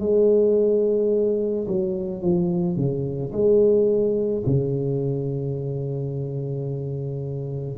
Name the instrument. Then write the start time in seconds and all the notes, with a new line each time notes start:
tuba
0.00 G#3
1.68 F#3
2.22 F3
2.76 C#3
3.32 G#3
4.46 C#3